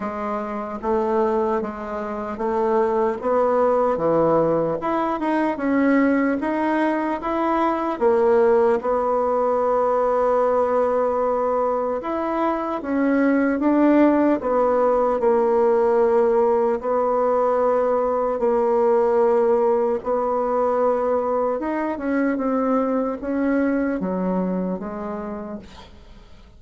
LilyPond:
\new Staff \with { instrumentName = "bassoon" } { \time 4/4 \tempo 4 = 75 gis4 a4 gis4 a4 | b4 e4 e'8 dis'8 cis'4 | dis'4 e'4 ais4 b4~ | b2. e'4 |
cis'4 d'4 b4 ais4~ | ais4 b2 ais4~ | ais4 b2 dis'8 cis'8 | c'4 cis'4 fis4 gis4 | }